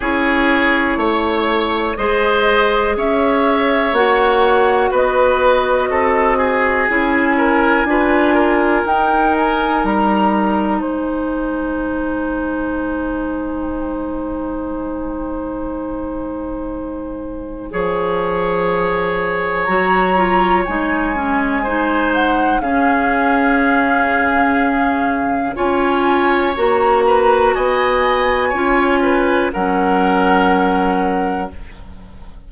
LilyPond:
<<
  \new Staff \with { instrumentName = "flute" } { \time 4/4 \tempo 4 = 61 cis''2 dis''4 e''4 | fis''4 dis''2 gis''4~ | gis''4 g''8 gis''8 ais''4 gis''4~ | gis''1~ |
gis''1 | ais''4 gis''4. fis''8 f''4~ | f''2 gis''4 ais''4 | gis''2 fis''2 | }
  \new Staff \with { instrumentName = "oboe" } { \time 4/4 gis'4 cis''4 c''4 cis''4~ | cis''4 b'4 a'8 gis'4 ais'8 | b'8 ais'2~ ais'8 c''4~ | c''1~ |
c''2 cis''2~ | cis''2 c''4 gis'4~ | gis'2 cis''4. b'8 | dis''4 cis''8 b'8 ais'2 | }
  \new Staff \with { instrumentName = "clarinet" } { \time 4/4 e'2 gis'2 | fis'2. e'4 | f'4 dis'2.~ | dis'1~ |
dis'2 gis'2 | fis'8 f'8 dis'8 cis'8 dis'4 cis'4~ | cis'2 f'4 fis'4~ | fis'4 f'4 cis'2 | }
  \new Staff \with { instrumentName = "bassoon" } { \time 4/4 cis'4 a4 gis4 cis'4 | ais4 b4 c'4 cis'4 | d'4 dis'4 g4 gis4~ | gis1~ |
gis2 f2 | fis4 gis2 cis4~ | cis2 cis'4 ais4 | b4 cis'4 fis2 | }
>>